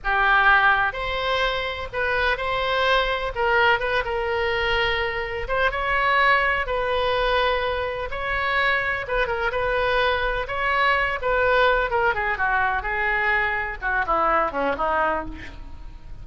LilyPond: \new Staff \with { instrumentName = "oboe" } { \time 4/4 \tempo 4 = 126 g'2 c''2 | b'4 c''2 ais'4 | b'8 ais'2. c''8 | cis''2 b'2~ |
b'4 cis''2 b'8 ais'8 | b'2 cis''4. b'8~ | b'4 ais'8 gis'8 fis'4 gis'4~ | gis'4 fis'8 e'4 cis'8 dis'4 | }